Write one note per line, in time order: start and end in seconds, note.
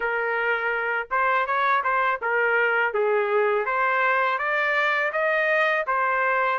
0.00 1.08 A#4
1.10 1.46 C5
1.46 1.83 C#5
1.83 2.20 C5
2.22 2.93 A#4
2.93 3.65 G#4
3.65 4.38 C5
4.38 5.11 D5
5.12 5.85 D#5
5.87 6.59 C5